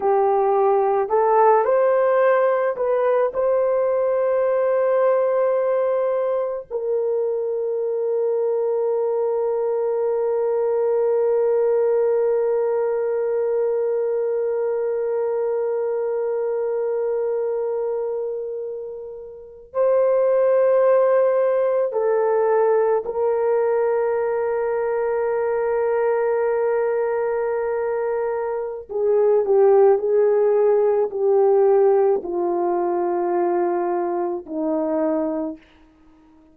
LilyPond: \new Staff \with { instrumentName = "horn" } { \time 4/4 \tempo 4 = 54 g'4 a'8 c''4 b'8 c''4~ | c''2 ais'2~ | ais'1~ | ais'1~ |
ais'4.~ ais'16 c''2 a'16~ | a'8. ais'2.~ ais'16~ | ais'2 gis'8 g'8 gis'4 | g'4 f'2 dis'4 | }